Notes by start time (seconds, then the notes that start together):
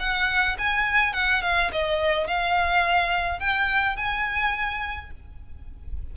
0.00 F#5
0.59 G#5
1.14 F#5
1.42 F5
1.72 D#5
2.28 F5
3.40 G5
3.97 G#5